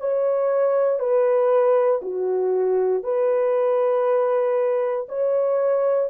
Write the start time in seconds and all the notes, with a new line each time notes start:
0.00 C#5
0.99 B4
2.02 F#4
3.03 B4
5.08 C#5